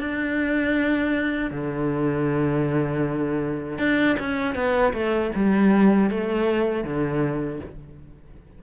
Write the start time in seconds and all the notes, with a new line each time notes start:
0.00 D4
1.51 D3
3.79 D4
4.19 C#4
4.55 B3
4.94 A3
5.35 G3
6.11 A3
6.85 D3